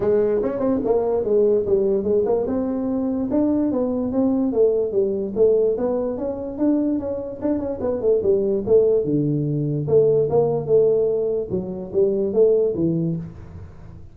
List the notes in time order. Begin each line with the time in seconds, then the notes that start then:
0.00 G#3
0.42 C#4
0.59 C4
0.84 A#3
1.24 G#3
1.66 G3
2.03 G#3
2.25 A#3
2.47 C4
3.30 D4
3.71 B3
4.12 C4
4.52 A3
4.92 G3
5.35 A3
5.77 B3
6.17 C#4
6.58 D4
6.99 C#4
7.41 D4
7.58 C#4
7.80 B3
8.01 A3
8.22 G3
8.66 A3
9.04 D3
9.87 A3
10.29 A#3
10.66 A3
11.50 F#3
11.92 G3
12.33 A3
12.74 E3